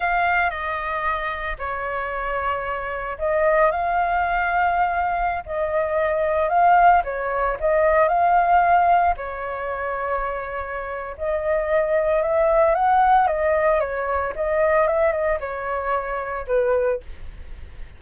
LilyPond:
\new Staff \with { instrumentName = "flute" } { \time 4/4 \tempo 4 = 113 f''4 dis''2 cis''4~ | cis''2 dis''4 f''4~ | f''2~ f''16 dis''4.~ dis''16~ | dis''16 f''4 cis''4 dis''4 f''8.~ |
f''4~ f''16 cis''2~ cis''8.~ | cis''4 dis''2 e''4 | fis''4 dis''4 cis''4 dis''4 | e''8 dis''8 cis''2 b'4 | }